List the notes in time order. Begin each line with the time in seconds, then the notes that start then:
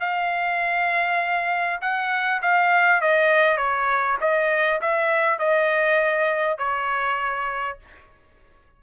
0.00 F5
1.81 F#5
2.42 F5
3.01 D#5
3.57 C#5
4.21 D#5
4.81 E5
5.39 D#5
6.58 C#5